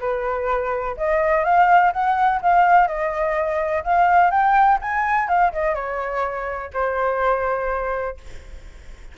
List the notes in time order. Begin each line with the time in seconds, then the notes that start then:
0.00 B4
0.97 D#5
1.44 F5
1.93 F#5
2.42 F5
2.88 D#5
3.84 F5
4.31 G5
4.82 G#5
5.29 F5
5.53 D#5
5.75 C#5
6.74 C5